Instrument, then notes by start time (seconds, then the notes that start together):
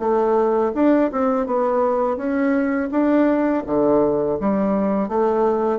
bassoon
0.00 A3
0.75 D4
1.12 C4
1.47 B3
2.17 C#4
2.91 D4
3.67 D3
4.40 G3
5.09 A3